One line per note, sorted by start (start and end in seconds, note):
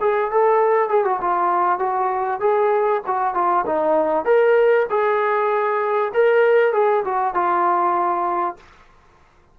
0.00 0.31 G#4
0.31 0.89 A4
0.89 1.04 G#4
1.04 1.19 F#4
1.21 1.79 F4
1.79 2.40 F#4
2.40 3.01 G#4
3.06 3.34 F#4
3.34 3.65 F4
3.66 4.25 D#4
4.25 4.86 A#4
4.89 6.12 G#4
6.14 6.73 A#4
6.73 7.03 G#4
7.04 7.34 F#4
7.34 8.56 F4